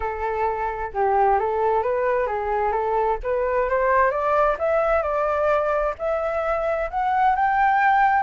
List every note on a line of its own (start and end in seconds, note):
0.00 0.92 A4
0.93 1.39 G4
1.39 1.82 A4
1.82 2.26 B4
2.26 2.72 G#4
2.72 3.17 A4
3.23 3.69 B4
3.69 4.10 C5
4.10 4.56 D5
4.59 5.02 E5
5.02 5.94 D5
5.98 6.89 E5
6.90 7.35 F#5
7.35 8.22 G5